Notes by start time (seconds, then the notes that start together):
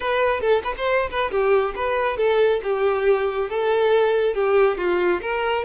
0.00 B4
0.40 A4
0.63 B4
0.77 C5
1.10 B4
1.31 G4
1.75 B4
2.17 A4
2.63 G4
3.49 A4
4.34 G4
4.77 F4
5.21 A#4